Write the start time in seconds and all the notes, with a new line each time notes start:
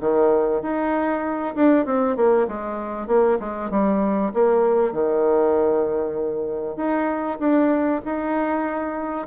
0.00 D#3
0.62 D#4
1.55 D4
1.85 C4
2.16 A#3
2.47 G#3
3.07 A#3
3.39 G#3
3.70 G3
4.33 A#3
4.92 D#3
6.76 D#4
7.39 D4
8.05 D#4